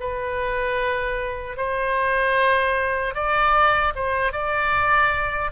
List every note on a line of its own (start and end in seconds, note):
0.00 1.56 B4
1.56 3.14 C5
3.14 3.93 D5
3.95 4.32 C5
4.32 5.51 D5